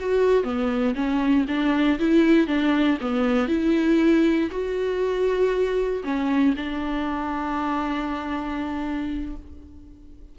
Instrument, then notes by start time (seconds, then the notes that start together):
viola
0.00 F#4
0.44 B3
0.95 C#4
1.48 D4
2.00 E4
2.48 D4
3.01 B3
3.49 E4
4.51 F#4
6.04 C#4
6.57 D4